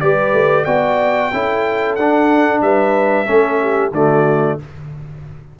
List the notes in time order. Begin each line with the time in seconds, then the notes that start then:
0.00 G3 G4 B4 D5
0.33 A3
0.64 B3 F#4 D5 G5
1.32 C#4 E4 A4
1.95 D4 F#5
2.61 G3 B4 E5
3.26 A3 C#4 A4
3.61 G4
3.91 D3 A3 F#4 D5